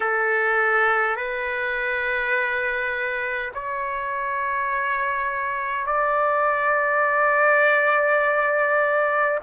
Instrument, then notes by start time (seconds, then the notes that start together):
trumpet
0.00 A4
1.16 B4
3.54 C#5
5.86 D5